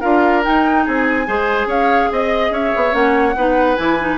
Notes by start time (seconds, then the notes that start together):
0.00 D4 F4 A#4 F5
0.43 D#4 G5
0.85 C4 G#4 G#5
1.26 G#3 G#4 C5
1.66 C#4 C#5 F5
2.11 C4 D#5
2.50 C#4 C#5 E5
2.76 B3
2.91 A#3 C#4 F#5
3.36 B3 D#4 B4
3.76 E3 E4 G#5
4.00 D#4